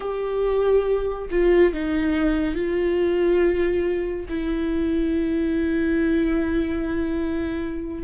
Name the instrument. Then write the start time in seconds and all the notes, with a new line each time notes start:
viola
0.00 G4
1.30 F4
1.73 D#4
2.54 F4
4.28 E4